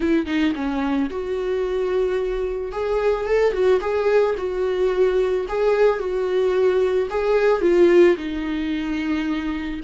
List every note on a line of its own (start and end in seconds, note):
0.00 0.26 E4
0.26 0.53 D#4
0.55 1.09 C#4
1.09 2.71 F#4
2.71 3.25 G#4
3.25 3.53 A4
3.53 3.80 F#4
3.80 4.35 G#4
4.37 5.46 F#4
5.48 5.99 G#4
5.99 7.08 F#4
7.10 7.61 G#4
7.61 8.16 F4
8.16 9.80 D#4